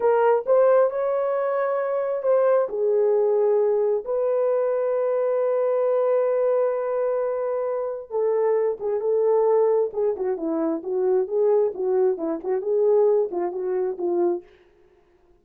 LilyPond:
\new Staff \with { instrumentName = "horn" } { \time 4/4 \tempo 4 = 133 ais'4 c''4 cis''2~ | cis''4 c''4 gis'2~ | gis'4 b'2.~ | b'1~ |
b'2 a'4. gis'8 | a'2 gis'8 fis'8 e'4 | fis'4 gis'4 fis'4 e'8 fis'8 | gis'4. f'8 fis'4 f'4 | }